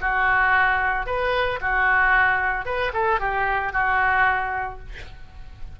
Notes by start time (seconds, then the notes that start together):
0.00 F#4
1.06 B4
1.61 F#4
2.65 B4
2.93 A4
3.19 G4
3.72 F#4